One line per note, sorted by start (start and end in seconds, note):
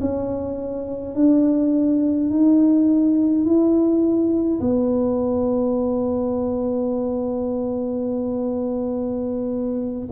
0.00 1.14 C#4
1.14 2.30 D4
2.30 3.45 D#4
3.45 4.60 E4
4.60 10.08 B3